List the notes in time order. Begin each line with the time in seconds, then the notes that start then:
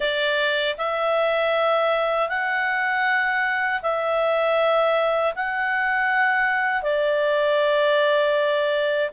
0.00 D5
0.77 E5
2.28 F#5
3.82 E5
5.35 F#5
6.82 D5